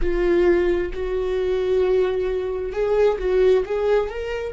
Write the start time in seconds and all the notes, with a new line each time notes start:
0.01 F4
0.93 F#4
2.72 G#4
3.18 F#4
3.65 G#4
4.09 A#4